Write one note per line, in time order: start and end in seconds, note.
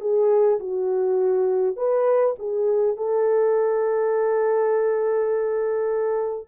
0.00 0.59 G#4
0.59 1.76 F#4
1.76 2.35 B4
2.39 2.97 G#4
2.97 6.48 A4